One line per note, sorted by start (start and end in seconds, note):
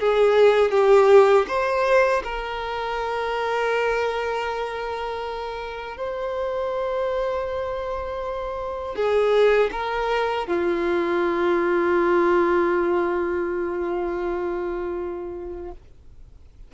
0.00 0.71 G#4
0.71 1.46 G4
1.48 2.23 C5
2.24 5.97 A#4
5.97 8.96 C5
8.96 9.71 G#4
9.72 10.47 A#4
10.47 15.72 F4